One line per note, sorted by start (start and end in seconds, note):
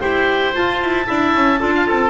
0.00 0.56 E4
0.00 0.53 G4
0.00 1.07 C5
0.00 0.53 G5
0.53 1.05 F4
0.53 0.82 F4
0.53 2.10 A5
0.82 1.09 E4
1.05 1.35 D4
1.05 1.58 E4
1.05 1.60 E5
1.35 1.62 C#4
1.59 1.89 D4
1.59 2.10 F4
1.59 1.73 A4
1.76 1.87 F5
1.87 2.10 C4
1.87 2.10 A4